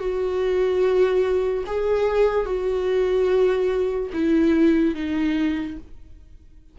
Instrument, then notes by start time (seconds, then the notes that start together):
viola
0.00 F#4
1.67 G#4
2.46 F#4
4.14 E4
4.95 D#4